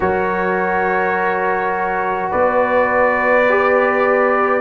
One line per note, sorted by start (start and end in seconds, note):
0.00 2.30 F#3
0.00 3.45 F#4
0.00 2.30 A#4
0.00 2.31 C#5
2.30 4.61 B3
2.30 4.61 B4
2.30 4.61 D5
3.49 4.61 G4